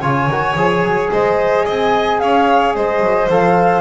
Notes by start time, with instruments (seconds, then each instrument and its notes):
0.00 double bass C#3, trombone F4, violin C#5, flute G#5
0.27 double bass D#3, trombone F#4
0.55 double bass F3, trombone G#4
0.82 double bass F#3
1.12 double bass G#3, violin C5, flute D#5
1.65 double bass C4, violin D#5, flute G#5
2.19 double bass C#4, violin C#5, flute F5
2.75 double bass G#3, violin C5, flute D#5
3.00 double bass F#3
3.29 double bass F3, trombone A4, flute F5